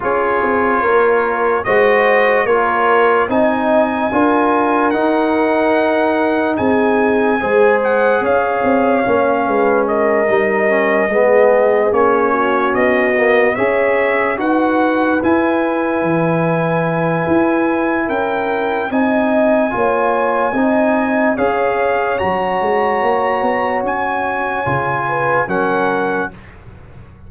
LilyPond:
<<
  \new Staff \with { instrumentName = "trumpet" } { \time 4/4 \tempo 4 = 73 cis''2 dis''4 cis''4 | gis''2 fis''2 | gis''4. fis''8 f''2 | dis''2~ dis''8 cis''4 dis''8~ |
dis''8 e''4 fis''4 gis''4.~ | gis''2 g''4 gis''4~ | gis''2 f''4 ais''4~ | ais''4 gis''2 fis''4 | }
  \new Staff \with { instrumentName = "horn" } { \time 4/4 gis'4 ais'4 c''4 ais'4 | dis''4 ais'2. | gis'4 c''4 cis''4. b'8 | ais'4. gis'4. fis'4~ |
fis'8 cis''4 b'2~ b'8~ | b'2 ais'4 dis''4 | cis''4 dis''4 cis''2~ | cis''2~ cis''8 b'8 ais'4 | }
  \new Staff \with { instrumentName = "trombone" } { \time 4/4 f'2 fis'4 f'4 | dis'4 f'4 dis'2~ | dis'4 gis'2 cis'4~ | cis'8 dis'8 cis'8 b4 cis'4. |
ais8 gis'4 fis'4 e'4.~ | e'2. dis'4 | f'4 dis'4 gis'4 fis'4~ | fis'2 f'4 cis'4 | }
  \new Staff \with { instrumentName = "tuba" } { \time 4/4 cis'8 c'8 ais4 gis4 ais4 | c'4 d'4 dis'2 | c'4 gis4 cis'8 c'8 ais8 gis8~ | gis8 g4 gis4 ais4 b8~ |
b8 cis'4 dis'4 e'4 e8~ | e4 e'4 cis'4 c'4 | ais4 c'4 cis'4 fis8 gis8 | ais8 b8 cis'4 cis4 fis4 | }
>>